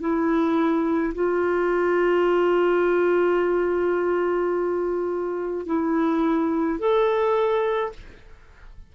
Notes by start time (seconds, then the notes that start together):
0.00 E4
1.14 F4
5.66 E4
6.79 A4